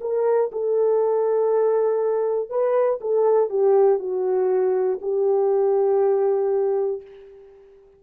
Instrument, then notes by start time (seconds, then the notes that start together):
horn
0.00 A#4
0.52 A4
2.49 B4
3.00 A4
3.50 G4
3.99 F#4
5.01 G4